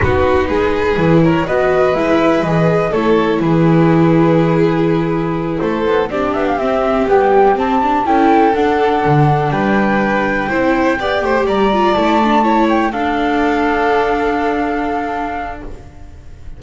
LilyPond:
<<
  \new Staff \with { instrumentName = "flute" } { \time 4/4 \tempo 4 = 123 b'2~ b'8 cis''8 dis''4 | e''4 dis''4 cis''4 b'4~ | b'2.~ b'8 c''8~ | c''8 d''8 e''16 f''16 e''4 g''4 a''8~ |
a''8 g''4 fis''2 g''8~ | g''2.~ g''8 ais''8~ | ais''8 a''4. g''8 f''4.~ | f''1 | }
  \new Staff \with { instrumentName = "violin" } { \time 4/4 fis'4 gis'4. ais'8 b'4~ | b'2 a'4 gis'4~ | gis'2.~ gis'8 a'8~ | a'8 g'2.~ g'8~ |
g'8 a'2. b'8~ | b'4. c''4 d''8 c''8 d''8~ | d''4. cis''4 a'4.~ | a'1 | }
  \new Staff \with { instrumentName = "viola" } { \time 4/4 dis'2 e'4 fis'4 | e'4 gis'4 e'2~ | e'1~ | e'8 d'4 c'4 g4 c'8 |
d'8 e'4 d'2~ d'8~ | d'4. e'4 g'4. | f'8 e'8 d'8 e'4 d'4.~ | d'1 | }
  \new Staff \with { instrumentName = "double bass" } { \time 4/4 b4 gis4 e4 b4 | gis4 e4 a4 e4~ | e2.~ e8 a8 | b8 c'8 b8 c'4 b4 c'8~ |
c'8 cis'4 d'4 d4 g8~ | g4. c'4 b8 a8 g8~ | g8 a2 d'4.~ | d'1 | }
>>